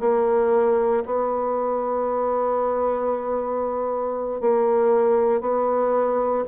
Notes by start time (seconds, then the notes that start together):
0.00 A#3
1.05 B3
4.41 A#3
5.41 B3